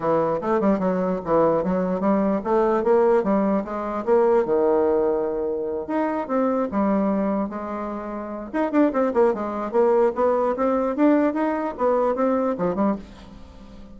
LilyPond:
\new Staff \with { instrumentName = "bassoon" } { \time 4/4 \tempo 4 = 148 e4 a8 g8 fis4 e4 | fis4 g4 a4 ais4 | g4 gis4 ais4 dis4~ | dis2~ dis8 dis'4 c'8~ |
c'8 g2 gis4.~ | gis4 dis'8 d'8 c'8 ais8 gis4 | ais4 b4 c'4 d'4 | dis'4 b4 c'4 f8 g8 | }